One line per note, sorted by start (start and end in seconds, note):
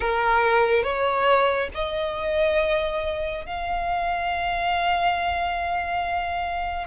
0.00 0.83 A#4
0.83 1.69 C#5
1.74 3.45 D#5
3.45 6.86 F5